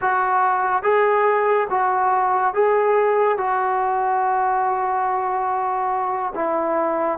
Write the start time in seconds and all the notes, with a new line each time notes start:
0.01 F#4
0.83 G#4
1.70 F#4
2.54 G#4
3.37 F#4
6.35 E4